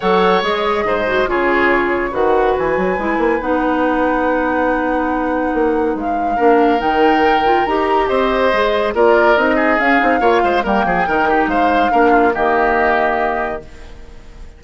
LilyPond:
<<
  \new Staff \with { instrumentName = "flute" } { \time 4/4 \tempo 4 = 141 fis''4 dis''2 cis''4~ | cis''4 fis''4 gis''2 | fis''1~ | fis''2 f''2 |
g''2 ais''4 dis''4~ | dis''4 d''4 dis''4 f''4~ | f''4 g''2 f''4~ | f''4 dis''2. | }
  \new Staff \with { instrumentName = "oboe" } { \time 4/4 cis''2 c''4 gis'4~ | gis'4 b'2.~ | b'1~ | b'2. ais'4~ |
ais'2. c''4~ | c''4 ais'4. gis'4. | cis''8 c''8 ais'8 gis'8 ais'8 g'8 c''4 | ais'8 f'8 g'2. | }
  \new Staff \with { instrumentName = "clarinet" } { \time 4/4 a'4 gis'4. fis'8 f'4~ | f'4 fis'2 e'4 | dis'1~ | dis'2. d'4 |
dis'4. f'8 g'2 | gis'4 f'4 dis'4 cis'8 dis'8 | f'4 ais4 dis'2 | d'4 ais2. | }
  \new Staff \with { instrumentName = "bassoon" } { \time 4/4 fis4 gis4 gis,4 cis4~ | cis4 dis4 e8 fis8 gis8 ais8 | b1~ | b4 ais4 gis4 ais4 |
dis2 dis'4 c'4 | gis4 ais4 c'4 cis'8 c'8 | ais8 gis8 g8 f8 dis4 gis4 | ais4 dis2. | }
>>